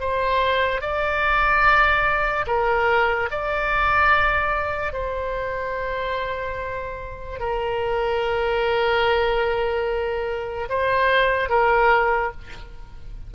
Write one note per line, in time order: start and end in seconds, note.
0.00 0.81 C5
0.81 2.45 D5
2.47 3.29 A#4
3.31 4.93 D5
4.93 7.39 C5
7.40 10.68 A#4
10.69 11.49 C5
11.49 12.31 A#4